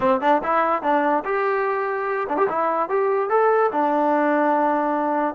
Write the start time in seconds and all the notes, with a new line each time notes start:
0.00 C4
0.21 D4
0.43 E4
0.82 D4
1.24 G4
2.28 D4
2.37 G4
2.49 E4
2.89 G4
3.29 A4
3.71 D4